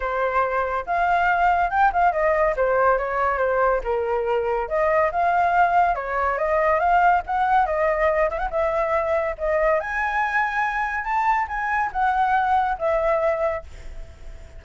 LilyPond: \new Staff \with { instrumentName = "flute" } { \time 4/4 \tempo 4 = 141 c''2 f''2 | g''8 f''8 dis''4 c''4 cis''4 | c''4 ais'2 dis''4 | f''2 cis''4 dis''4 |
f''4 fis''4 dis''4. e''16 fis''16 | e''2 dis''4 gis''4~ | gis''2 a''4 gis''4 | fis''2 e''2 | }